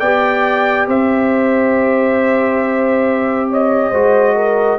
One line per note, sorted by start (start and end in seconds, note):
0.00 0.88 B3
0.00 3.94 G4
0.00 0.87 D5
0.00 0.87 G5
0.88 3.92 C4
0.88 3.49 C5
0.88 3.51 E5
3.50 3.91 C#5
3.50 4.79 D#5
3.91 4.79 G#3
3.91 4.79 F#4
3.91 4.34 C5
4.36 4.79 A#4